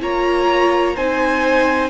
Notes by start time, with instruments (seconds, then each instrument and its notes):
0.00 cello A#3, viola F4, violin C#5 A#5
0.96 cello C4, viola D#4, violin C5 G#5